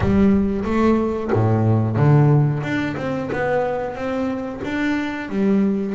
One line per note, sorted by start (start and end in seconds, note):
0.00 0.64 G3
0.64 1.30 A3
1.32 1.96 A2
1.96 2.62 D3
2.62 2.95 D4
2.97 3.30 C4
3.32 3.95 B3
3.95 4.61 C4
4.64 5.29 D4
5.29 5.95 G3